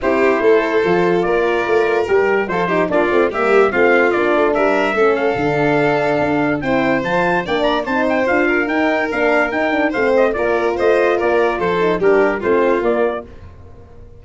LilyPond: <<
  \new Staff \with { instrumentName = "trumpet" } { \time 4/4 \tempo 4 = 145 c''2. d''4~ | d''4 ais'4 c''4 d''4 | e''4 f''4 d''4 e''4~ | e''8 f''2.~ f''8 |
g''4 a''4 g''8 ais''8 a''8 g''8 | f''4 g''4 f''4 g''4 | f''8 dis''8 d''4 dis''4 d''4 | c''4 ais'4 c''4 d''4 | }
  \new Staff \with { instrumentName = "violin" } { \time 4/4 g'4 a'2 ais'4~ | ais'2 a'8 g'8 f'4 | g'4 f'2 ais'4 | a'1 |
c''2 d''4 c''4~ | c''8 ais'2.~ ais'8 | c''4 ais'4 c''4 ais'4 | a'4 g'4 f'2 | }
  \new Staff \with { instrumentName = "horn" } { \time 4/4 e'2 f'2~ | f'4 g'4 f'8 dis'8 d'8 c'8 | ais4 c'4 d'2 | cis'4 d'2. |
e'4 f'4 d'4 dis'4 | f'4 dis'4 d'4 dis'8 d'8 | c'4 f'2.~ | f'8 dis'8 d'4 c'4 ais4 | }
  \new Staff \with { instrumentName = "tuba" } { \time 4/4 c'4 a4 f4 ais4 | a4 g4 f4 ais8 a8 | g4 a4 ais8 a8 g4 | a4 d2 d'4 |
c'4 f4 ais4 c'4 | d'4 dis'4 ais4 dis'4 | a4 ais4 a4 ais4 | f4 g4 a4 ais4 | }
>>